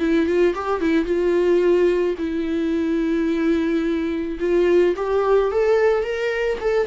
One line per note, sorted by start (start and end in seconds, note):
0.00 0.27 E4
0.27 0.54 F4
0.55 0.81 G4
0.81 1.05 E4
1.05 2.15 F4
2.19 4.39 E4
4.40 4.95 F4
4.97 5.52 G4
5.52 6.04 A4
6.04 6.59 A#4
6.61 6.87 A4